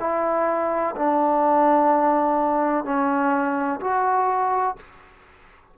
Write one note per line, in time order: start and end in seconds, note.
0.00 0.95 E4
0.96 2.85 D4
2.85 3.80 C#4
3.81 4.76 F#4